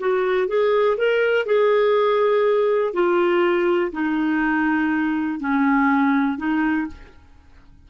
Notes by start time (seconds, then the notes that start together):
0.00 F#4
0.48 G#4
0.97 A#4
1.46 G#4
2.93 F4
3.92 D#4
5.40 C#4
6.38 D#4